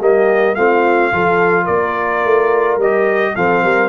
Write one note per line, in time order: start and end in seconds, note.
0.00 0.56 G3
0.00 0.56 A#3
0.00 0.56 G4
0.00 0.55 D#5
0.55 1.12 A3
0.55 1.12 C4
0.55 1.13 F4
0.55 1.66 F5
1.12 1.68 F3
1.12 2.81 F4
1.12 1.64 A4
1.64 2.25 A#3
1.64 3.32 A#4
1.64 2.78 D5
2.25 2.77 A3
2.77 3.33 G3
2.77 3.36 D#5
2.84 3.36 G4
3.36 3.64 F3
3.36 3.89 C4
3.36 3.63 A4
3.36 3.89 F5
3.63 3.89 G3
3.63 3.89 A#4